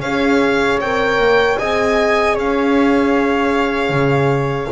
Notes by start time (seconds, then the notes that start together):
0.00 C#4 G#4 C#5 F5
0.80 C4 A#4 G5
1.18 A#3
1.58 C4 G#4 D#5 G#5
2.34 C#4 C#5 F5
3.89 C#3